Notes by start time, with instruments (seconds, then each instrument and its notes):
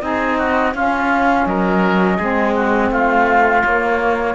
0.00 cello C4, saxophone D#4, oboe G#4, flute D#5
0.38 oboe F#4
0.74 cello C#4, saxophone C#4, oboe F4, flute F5
1.46 cello F#3, oboe A#4, flute D#5
2.17 cello G#3, saxophone C4, oboe G#4
2.55 oboe F#4
2.91 cello A3, oboe F4, flute F5
3.64 cello A#3, saxophone A#3, flute C#5